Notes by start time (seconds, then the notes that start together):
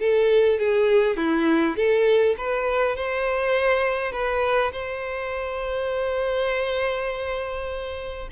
0.00 A4
0.59 G#4
1.17 E4
1.77 A4
2.38 B4
2.96 C5
4.12 B4
4.72 C5